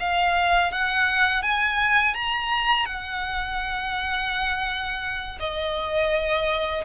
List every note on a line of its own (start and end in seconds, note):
0.00 0.72 F5
0.72 1.43 F#5
1.43 2.15 G#5
2.15 2.86 A#5
2.86 5.39 F#5
5.40 6.84 D#5